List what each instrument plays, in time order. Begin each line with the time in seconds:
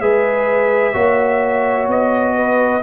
0.00 tuba G#3, trombone G#4, horn B4, trumpet E5
0.93 tuba A#3, trombone F#4, horn C#5
1.88 tuba B3, trumpet D#5
2.35 horn B4